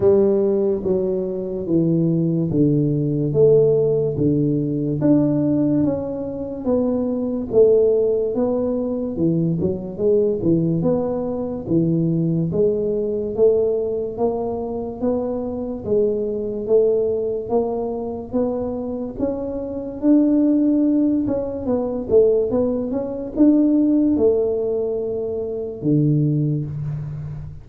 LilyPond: \new Staff \with { instrumentName = "tuba" } { \time 4/4 \tempo 4 = 72 g4 fis4 e4 d4 | a4 d4 d'4 cis'4 | b4 a4 b4 e8 fis8 | gis8 e8 b4 e4 gis4 |
a4 ais4 b4 gis4 | a4 ais4 b4 cis'4 | d'4. cis'8 b8 a8 b8 cis'8 | d'4 a2 d4 | }